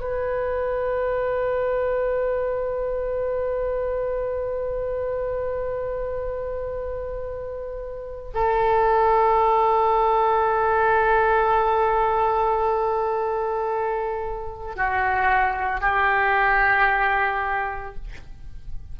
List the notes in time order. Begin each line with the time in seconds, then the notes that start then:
0.00 B4
8.33 A4
14.76 F#4
15.80 G4